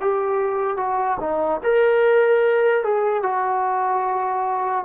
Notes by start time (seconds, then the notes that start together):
0.00 G4
0.77 F#4
1.20 D#4
1.63 A#4
2.83 G#4
3.23 F#4